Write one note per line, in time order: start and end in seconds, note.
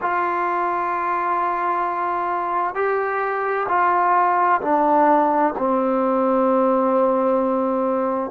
0.01 2.74 F4
2.74 3.67 G4
3.68 4.60 F4
4.61 5.53 D4
5.58 8.30 C4